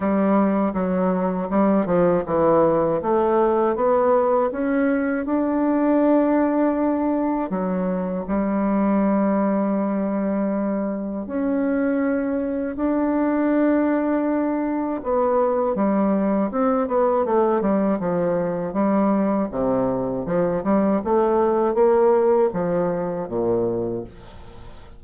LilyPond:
\new Staff \with { instrumentName = "bassoon" } { \time 4/4 \tempo 4 = 80 g4 fis4 g8 f8 e4 | a4 b4 cis'4 d'4~ | d'2 fis4 g4~ | g2. cis'4~ |
cis'4 d'2. | b4 g4 c'8 b8 a8 g8 | f4 g4 c4 f8 g8 | a4 ais4 f4 ais,4 | }